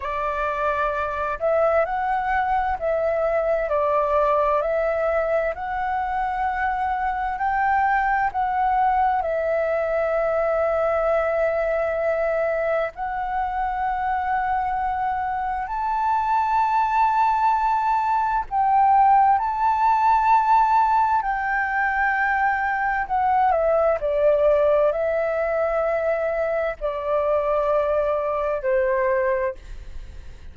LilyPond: \new Staff \with { instrumentName = "flute" } { \time 4/4 \tempo 4 = 65 d''4. e''8 fis''4 e''4 | d''4 e''4 fis''2 | g''4 fis''4 e''2~ | e''2 fis''2~ |
fis''4 a''2. | g''4 a''2 g''4~ | g''4 fis''8 e''8 d''4 e''4~ | e''4 d''2 c''4 | }